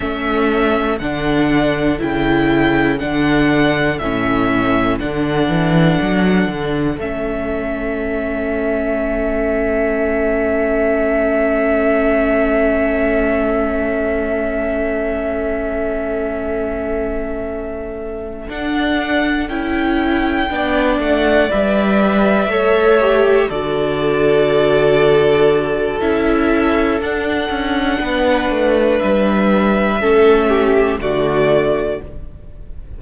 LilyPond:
<<
  \new Staff \with { instrumentName = "violin" } { \time 4/4 \tempo 4 = 60 e''4 fis''4 g''4 fis''4 | e''4 fis''2 e''4~ | e''1~ | e''1~ |
e''2~ e''8 fis''4 g''8~ | g''4 fis''8 e''2 d''8~ | d''2 e''4 fis''4~ | fis''4 e''2 d''4 | }
  \new Staff \with { instrumentName = "violin" } { \time 4/4 a'1~ | a'1~ | a'1~ | a'1~ |
a'1~ | a'8 d''2 cis''4 a'8~ | a'1 | b'2 a'8 g'8 fis'4 | }
  \new Staff \with { instrumentName = "viola" } { \time 4/4 cis'4 d'4 e'4 d'4 | cis'4 d'2 cis'4~ | cis'1~ | cis'1~ |
cis'2~ cis'8 d'4 e'8~ | e'8 d'4 b'4 a'8 g'8 fis'8~ | fis'2 e'4 d'4~ | d'2 cis'4 a4 | }
  \new Staff \with { instrumentName = "cello" } { \time 4/4 a4 d4 cis4 d4 | a,4 d8 e8 fis8 d8 a4~ | a1~ | a1~ |
a2~ a8 d'4 cis'8~ | cis'8 b8 a8 g4 a4 d8~ | d2 cis'4 d'8 cis'8 | b8 a8 g4 a4 d4 | }
>>